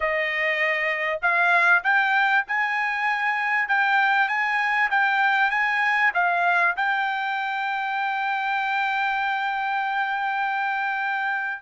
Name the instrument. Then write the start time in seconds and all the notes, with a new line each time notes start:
trumpet
0.00 D#5
1.22 F5
1.83 G5
2.47 G#5
3.68 G5
4.28 G#5
4.90 G5
5.50 G#5
6.14 F5
6.76 G5